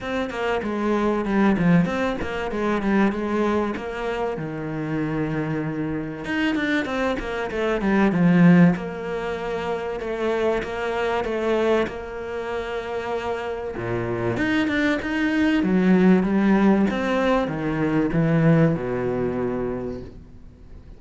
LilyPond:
\new Staff \with { instrumentName = "cello" } { \time 4/4 \tempo 4 = 96 c'8 ais8 gis4 g8 f8 c'8 ais8 | gis8 g8 gis4 ais4 dis4~ | dis2 dis'8 d'8 c'8 ais8 | a8 g8 f4 ais2 |
a4 ais4 a4 ais4~ | ais2 ais,4 dis'8 d'8 | dis'4 fis4 g4 c'4 | dis4 e4 b,2 | }